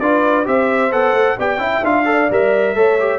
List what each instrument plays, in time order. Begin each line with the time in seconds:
0.00 tuba D4, trombone F4, horn B4, trumpet D5
0.45 tuba C4, trombone G4, horn C5, trumpet E5
0.92 tuba B3, trombone A4, trumpet F#5
1.13 tuba A3
1.39 tuba B3, trombone G4, horn D5, trumpet G5
1.57 tuba C#4, trombone E4, horn E5
1.84 tuba D4, trombone F4, trumpet F5
2.05 trombone A4, horn D5
2.30 tuba G3, trombone A#4, trumpet E5
2.75 tuba A3, trombone A4, horn C#5
3.00 trombone G4